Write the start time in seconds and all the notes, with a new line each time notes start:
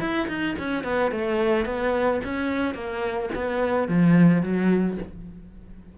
0.00 E4
0.28 D#4
0.59 C#4
0.84 B3
1.12 A3
1.66 B3
2.24 C#4
2.74 A#3
3.35 B3
3.88 F3
4.43 F#3